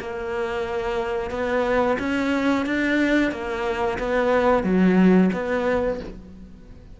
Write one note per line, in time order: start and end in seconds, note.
0.00 1.31 A#3
1.31 1.97 B3
1.99 2.66 C#4
2.66 3.32 D4
3.32 3.98 A#3
3.99 4.64 B3
4.64 5.30 F#3
5.33 6.00 B3